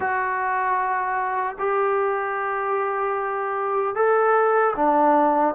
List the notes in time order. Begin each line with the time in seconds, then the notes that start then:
0.00 F#4
1.58 G4
3.95 A4
4.75 D4